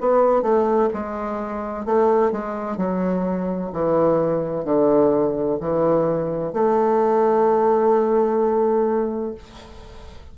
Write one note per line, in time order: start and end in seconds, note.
0.00 0.42 B3
0.42 0.89 A3
0.93 1.85 G#3
1.85 2.32 A3
2.32 2.77 G#3
2.77 3.71 F#3
3.73 4.64 E3
4.64 5.58 D3
5.60 6.53 E3
6.53 9.35 A3